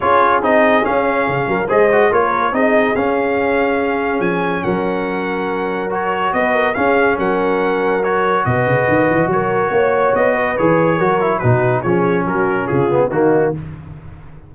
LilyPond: <<
  \new Staff \with { instrumentName = "trumpet" } { \time 4/4 \tempo 4 = 142 cis''4 dis''4 f''2 | dis''4 cis''4 dis''4 f''4~ | f''2 gis''4 fis''4~ | fis''2 cis''4 dis''4 |
f''4 fis''2 cis''4 | dis''2 cis''2 | dis''4 cis''2 b'4 | cis''4 ais'4 gis'4 fis'4 | }
  \new Staff \with { instrumentName = "horn" } { \time 4/4 gis'2.~ gis'8 ais'8 | c''4 ais'4 gis'2~ | gis'2. ais'4~ | ais'2. b'8 ais'8 |
gis'4 ais'2. | b'2 ais'4 cis''4~ | cis''8 b'4. ais'4 fis'4 | gis'4 fis'4 f'4 dis'4 | }
  \new Staff \with { instrumentName = "trombone" } { \time 4/4 f'4 dis'4 cis'2 | gis'8 fis'8 f'4 dis'4 cis'4~ | cis'1~ | cis'2 fis'2 |
cis'2. fis'4~ | fis'1~ | fis'4 gis'4 fis'8 e'8 dis'4 | cis'2~ cis'8 b8 ais4 | }
  \new Staff \with { instrumentName = "tuba" } { \time 4/4 cis'4 c'4 cis'4 cis8 fis8 | gis4 ais4 c'4 cis'4~ | cis'2 f4 fis4~ | fis2. b4 |
cis'4 fis2. | b,8 cis8 dis8 e8 fis4 ais4 | b4 e4 fis4 b,4 | f4 fis4 cis4 dis4 | }
>>